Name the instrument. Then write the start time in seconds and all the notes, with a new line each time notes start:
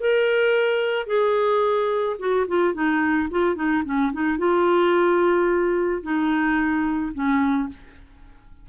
clarinet
0.00 A#4
1.07 G#4
2.19 F#4
2.48 F4
2.74 D#4
3.31 F4
3.56 D#4
3.85 C#4
4.13 D#4
4.38 F4
6.03 D#4
7.14 C#4